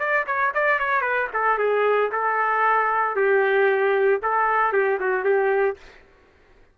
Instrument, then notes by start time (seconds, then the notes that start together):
trumpet
0.00 D5
0.27 C#5
0.55 D5
0.79 C#5
1.02 B4
1.34 A4
1.59 G#4
2.12 A4
3.17 G4
4.23 A4
4.73 G4
5.00 F#4
5.25 G4